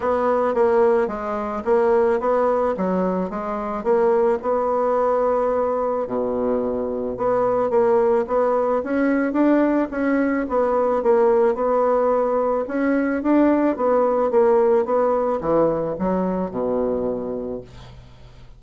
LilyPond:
\new Staff \with { instrumentName = "bassoon" } { \time 4/4 \tempo 4 = 109 b4 ais4 gis4 ais4 | b4 fis4 gis4 ais4 | b2. b,4~ | b,4 b4 ais4 b4 |
cis'4 d'4 cis'4 b4 | ais4 b2 cis'4 | d'4 b4 ais4 b4 | e4 fis4 b,2 | }